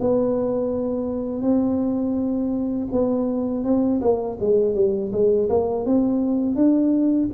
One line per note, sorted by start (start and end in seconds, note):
0.00 1.41 B3
1.41 2.88 C4
2.92 3.64 B3
3.64 4.01 C4
4.01 4.38 A#3
4.40 4.75 G#3
4.75 5.12 G3
5.12 5.49 G#3
5.49 5.86 A#3
5.86 6.56 C4
6.56 7.29 D4